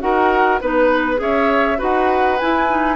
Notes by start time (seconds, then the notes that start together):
0.00 D#4 F#4 A#4 F#5
0.61 B3 D#4 B4
1.16 C#4 G#4 C#5 E5
1.78 D#4 F#4 B4 F#5
2.38 E4 G#5
2.69 D#4